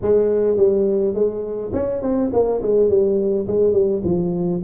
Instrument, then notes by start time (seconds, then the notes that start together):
tuba
0.01 G#3
0.56 G3
1.14 G#3
1.73 C#4
2.02 C4
2.32 A#3
2.62 G#3
2.89 G3
3.47 G#3
3.73 G3
4.04 F3